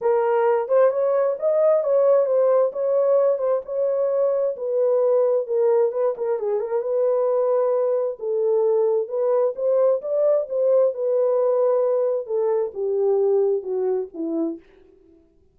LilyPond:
\new Staff \with { instrumentName = "horn" } { \time 4/4 \tempo 4 = 132 ais'4. c''8 cis''4 dis''4 | cis''4 c''4 cis''4. c''8 | cis''2 b'2 | ais'4 b'8 ais'8 gis'8 ais'8 b'4~ |
b'2 a'2 | b'4 c''4 d''4 c''4 | b'2. a'4 | g'2 fis'4 e'4 | }